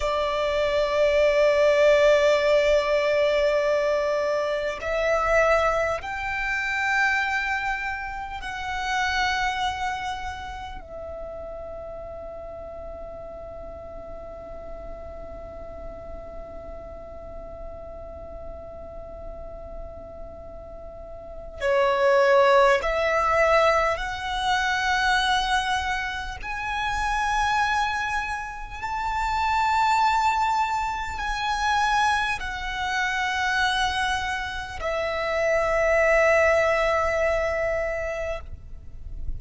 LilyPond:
\new Staff \with { instrumentName = "violin" } { \time 4/4 \tempo 4 = 50 d''1 | e''4 g''2 fis''4~ | fis''4 e''2.~ | e''1~ |
e''2 cis''4 e''4 | fis''2 gis''2 | a''2 gis''4 fis''4~ | fis''4 e''2. | }